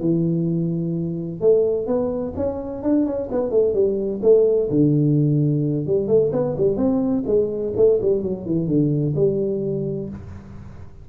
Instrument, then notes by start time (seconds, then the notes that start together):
tuba
0.00 E3
1.41 A3
1.87 B3
2.36 C#4
2.83 D4
3.06 C#4
3.32 B3
3.51 A3
3.74 G3
4.23 A3
4.70 D3
5.87 G3
6.08 A3
6.32 B3
6.57 G3
6.77 C4
7.26 G#3
7.76 A3
8.02 G3
8.22 F#3
8.45 E3
8.67 D3
9.16 G3